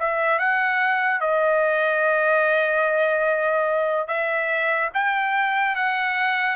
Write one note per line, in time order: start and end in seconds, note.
0.00 0.39 E5
0.39 1.21 F#5
1.21 4.08 D#5
4.08 4.90 E5
4.94 5.76 G5
5.76 6.56 F#5